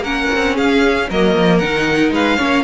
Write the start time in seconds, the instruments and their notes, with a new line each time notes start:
0.00 cello A#3, viola C#4, violin A#4 F#5
0.35 cello C4
0.55 cello C#4, violin G#4 F5
1.09 cello F#3, viola A#3, violin A#4 D#5
1.34 cello F3
1.58 cello D#3, viola D#4, violin F#5
2.11 cello G#3, violin B4 F5
2.37 cello A#3, viola C#4, violin C#5